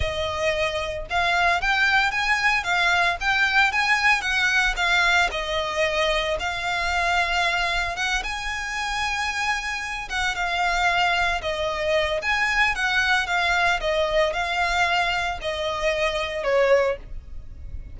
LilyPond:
\new Staff \with { instrumentName = "violin" } { \time 4/4 \tempo 4 = 113 dis''2 f''4 g''4 | gis''4 f''4 g''4 gis''4 | fis''4 f''4 dis''2 | f''2. fis''8 gis''8~ |
gis''2. fis''8 f''8~ | f''4. dis''4. gis''4 | fis''4 f''4 dis''4 f''4~ | f''4 dis''2 cis''4 | }